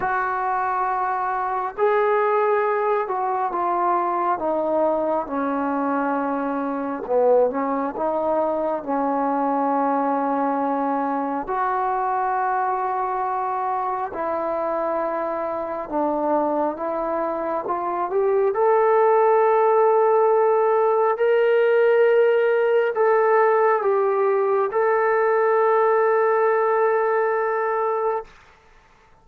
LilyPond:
\new Staff \with { instrumentName = "trombone" } { \time 4/4 \tempo 4 = 68 fis'2 gis'4. fis'8 | f'4 dis'4 cis'2 | b8 cis'8 dis'4 cis'2~ | cis'4 fis'2. |
e'2 d'4 e'4 | f'8 g'8 a'2. | ais'2 a'4 g'4 | a'1 | }